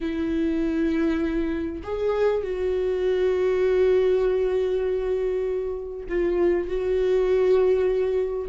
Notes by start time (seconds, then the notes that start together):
0.00 E4
1.83 G#4
2.43 F#4
6.08 F4
6.67 F#4